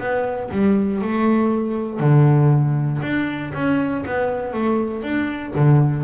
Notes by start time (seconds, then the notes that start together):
0.00 B3
0.52 G3
1.02 A3
2.00 D3
3.03 D4
3.55 C#4
4.07 B3
4.54 A3
5.04 D4
5.56 D3